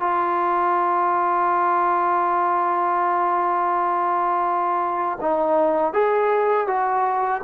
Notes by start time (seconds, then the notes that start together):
0.00 F4
5.21 D#4
5.93 G#4
6.67 F#4